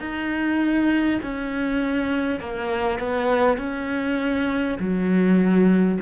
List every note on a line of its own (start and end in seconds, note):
0.00 1.20 D#4
1.22 2.40 C#4
2.40 2.99 A#3
2.99 3.57 B3
3.57 4.77 C#4
4.79 5.99 F#3